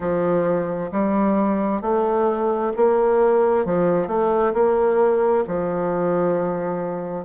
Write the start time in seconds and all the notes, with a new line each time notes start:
0.00 F3
0.91 G3
1.81 A3
2.76 A#3
3.65 F3
4.07 A3
4.53 A#3
5.47 F3